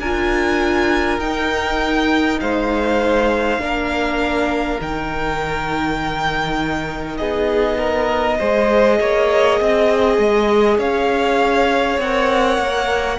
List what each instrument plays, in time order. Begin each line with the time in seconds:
0.00 cello D4, viola F4, violin A#4 G#5
1.19 cello D#4, viola D#4, violin G5
2.40 cello G#3, violin C5 F5
3.58 cello A#3, viola D4, violin A#4
4.81 cello D#3, viola D#4, violin G5
7.18 cello B3, violin G#4 D#5
7.78 violin A#4
8.39 cello G#3, viola G#4, violin C5
9.01 cello A#3, violin C#5
9.61 cello C4, violin D#5
10.19 cello G#3
10.78 cello C#4, violin C#5 F5
11.98 cello C4, viola A#4, violin F#5
12.58 cello A#3